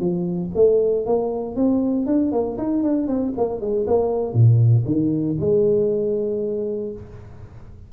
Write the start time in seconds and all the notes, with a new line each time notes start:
0.00 F3
0.55 A3
1.06 A#3
1.56 C4
2.06 D4
2.32 A#3
2.58 D#4
2.83 D4
3.08 C4
3.37 A#3
3.61 G#3
3.87 A#3
4.34 A#2
4.86 D#3
5.40 G#3